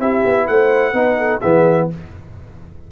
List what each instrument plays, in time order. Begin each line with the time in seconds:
0.00 tuba C4, trombone E4, horn G4, trumpet E5
0.25 tuba B3
0.47 tuba A3, horn C5, trumpet F#5
0.93 tuba B3, trombone D#4, horn B4
1.18 horn A4
1.41 tuba E3, trombone B3, horn G#4, trumpet E5